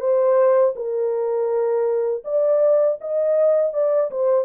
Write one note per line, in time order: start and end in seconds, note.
0.00 0.74 C5
0.76 2.24 A#4
2.25 2.99 D5
3.01 3.73 D#5
3.73 4.10 D5
4.11 4.45 C5